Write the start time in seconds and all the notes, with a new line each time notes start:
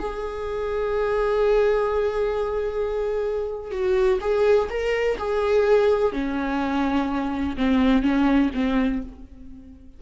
0.00 G#4
3.72 F#4
4.21 G#4
4.70 A#4
5.19 G#4
6.13 C#4
7.57 C4
8.03 C#4
8.54 C4